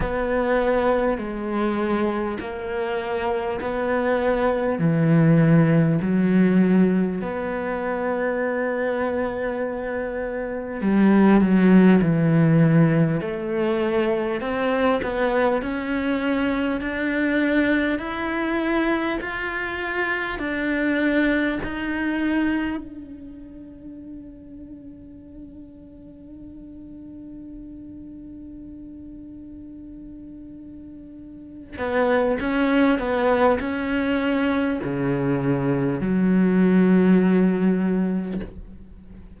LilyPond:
\new Staff \with { instrumentName = "cello" } { \time 4/4 \tempo 4 = 50 b4 gis4 ais4 b4 | e4 fis4 b2~ | b4 g8 fis8 e4 a4 | c'8 b8 cis'4 d'4 e'4 |
f'4 d'4 dis'4 d'4~ | d'1~ | d'2~ d'8 b8 cis'8 b8 | cis'4 cis4 fis2 | }